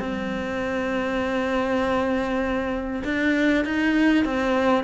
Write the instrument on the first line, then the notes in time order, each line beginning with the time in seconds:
cello
0.00 C4
3.04 D4
3.65 D#4
4.25 C4